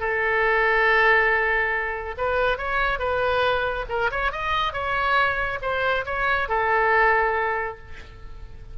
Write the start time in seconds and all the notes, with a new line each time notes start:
0.00 A4
2.18 B4
2.58 C#5
2.99 B4
3.89 A#4
4.11 C#5
4.32 D#5
4.73 C#5
5.62 C5
6.06 C#5
6.49 A4